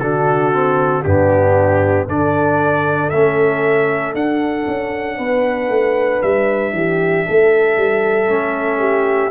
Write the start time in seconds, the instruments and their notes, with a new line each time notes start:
0.00 tuba D3, trombone D4, horn F#4, trumpet A4
0.53 trombone C4
1.04 tuba G2, trombone B3, horn D4, trumpet G4
2.08 tuba D3, trombone D4, horn A4, trumpet D5
3.10 tuba A3, trombone C#4, trumpet E5
4.15 tuba D4, trombone D4, trumpet F#5
4.68 tuba C#4
5.18 tuba B3, horn B4
5.69 tuba A3
6.22 tuba G3, trumpet E5
6.73 tuba E3, horn G4
7.27 tuba A3, horn A4
7.77 tuba G3
8.27 tuba A3, trombone C#4
8.80 horn G4